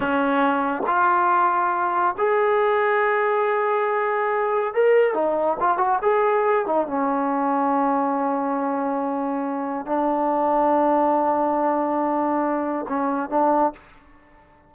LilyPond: \new Staff \with { instrumentName = "trombone" } { \time 4/4 \tempo 4 = 140 cis'2 f'2~ | f'4 gis'2.~ | gis'2. ais'4 | dis'4 f'8 fis'8 gis'4. dis'8 |
cis'1~ | cis'2. d'4~ | d'1~ | d'2 cis'4 d'4 | }